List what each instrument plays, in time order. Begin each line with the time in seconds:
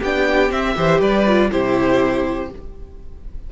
0.00 cello B3, viola D4, violin G4 G5
0.50 viola C4, cello C4, violin E5
0.75 cello E3, viola G4, violin C5
1.01 cello G3, violin B4 D5
1.27 viola F4
1.51 cello C3, viola E4, violin G4 C5